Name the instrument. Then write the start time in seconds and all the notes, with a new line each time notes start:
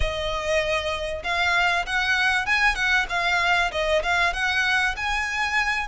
violin
0.00 D#5
1.23 F5
1.86 F#5
2.46 G#5
2.75 F#5
3.09 F5
3.71 D#5
4.02 F5
4.33 F#5
4.96 G#5